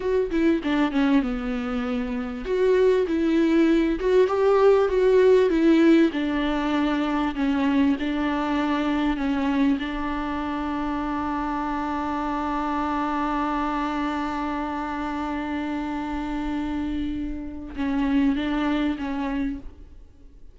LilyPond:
\new Staff \with { instrumentName = "viola" } { \time 4/4 \tempo 4 = 98 fis'8 e'8 d'8 cis'8 b2 | fis'4 e'4. fis'8 g'4 | fis'4 e'4 d'2 | cis'4 d'2 cis'4 |
d'1~ | d'1~ | d'1~ | d'4 cis'4 d'4 cis'4 | }